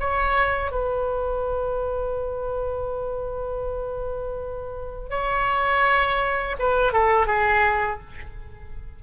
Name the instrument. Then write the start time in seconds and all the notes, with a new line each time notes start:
oboe
0.00 C#5
0.72 B4
5.10 C#5
6.59 B4
6.93 A4
7.27 G#4